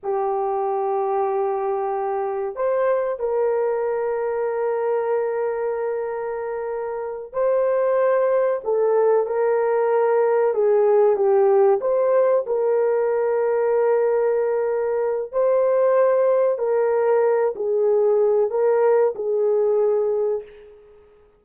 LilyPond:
\new Staff \with { instrumentName = "horn" } { \time 4/4 \tempo 4 = 94 g'1 | c''4 ais'2.~ | ais'2.~ ais'8 c''8~ | c''4. a'4 ais'4.~ |
ais'8 gis'4 g'4 c''4 ais'8~ | ais'1 | c''2 ais'4. gis'8~ | gis'4 ais'4 gis'2 | }